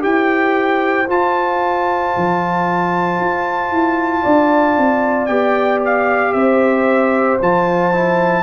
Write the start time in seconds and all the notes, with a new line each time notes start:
0.00 E4 G4 C5 G5
1.08 F4 A5
2.16 F3
3.19 F4
3.71 E4
4.22 D4 D5
4.77 C4
5.26 B3 G4 G5
5.85 F5
6.32 C4 C5 E5
7.41 F3 F4 A5
7.92 E4